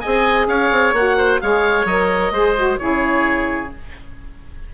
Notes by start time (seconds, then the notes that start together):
0.00 C4 G#4 D#5 G#5
0.47 C#4 C#5 F5
0.71 C4
0.92 A#3 F#4 F#5
1.17 C5
1.41 G#3 G#4 C#5 F5
1.85 F#3 A#4 D#5
2.31 G#3 G#4 C5
2.56 F#4
2.78 C#3 E4 G#4 C#5